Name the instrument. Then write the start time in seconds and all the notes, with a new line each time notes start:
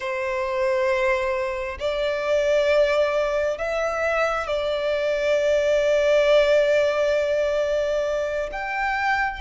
violin
0.00 C5
1.79 D5
3.57 E5
4.47 D5
8.52 G5